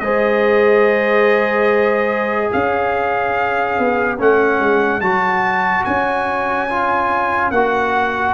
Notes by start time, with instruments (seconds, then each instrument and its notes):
0.00 tuba G#3, trombone G#4, horn C5, trumpet D#5
2.52 tuba C#4, horn C#5, trumpet F5
3.78 tuba B3
4.18 tuba A3, trombone C#4, trumpet F#5
4.60 tuba G#3
5.01 tuba F#3, trombone F#4, trumpet A5
5.85 tuba C#4, trumpet G#5
6.69 trombone F4
7.51 tuba A#3, trombone F#4, trumpet F#5